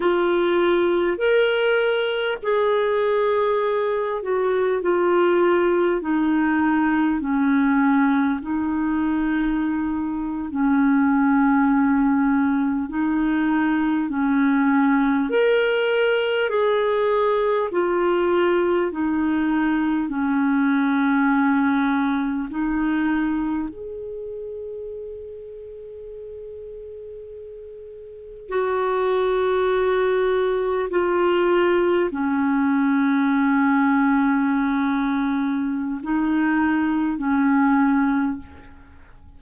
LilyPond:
\new Staff \with { instrumentName = "clarinet" } { \time 4/4 \tempo 4 = 50 f'4 ais'4 gis'4. fis'8 | f'4 dis'4 cis'4 dis'4~ | dis'8. cis'2 dis'4 cis'16~ | cis'8. ais'4 gis'4 f'4 dis'16~ |
dis'8. cis'2 dis'4 gis'16~ | gis'2.~ gis'8. fis'16~ | fis'4.~ fis'16 f'4 cis'4~ cis'16~ | cis'2 dis'4 cis'4 | }